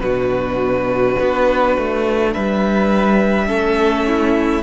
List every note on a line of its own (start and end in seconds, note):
0.00 1.15 B2
0.00 3.46 D4
0.00 2.33 F#4
0.00 2.31 B4
1.20 1.77 B3
1.77 2.35 A3
2.33 3.49 G3
2.33 3.47 B4
2.33 4.63 E5
3.46 4.63 A3
3.46 4.62 C#4
3.46 4.05 A4
4.07 4.63 E4